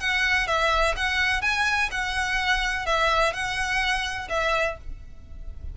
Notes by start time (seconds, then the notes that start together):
0.00 F#5
0.47 E5
0.97 F#5
1.42 G#5
1.91 F#5
2.86 E5
3.33 F#5
4.29 E5